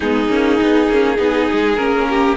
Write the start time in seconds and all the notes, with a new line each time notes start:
0.00 G#3 B3 D#4 G#4
0.29 A#3 C#4
0.59 B3 D#4
0.88 A#3 C#4
1.16 B3 D#4 G#4
1.52 G#3
1.76 A#3 C#4 A#4
2.09 G4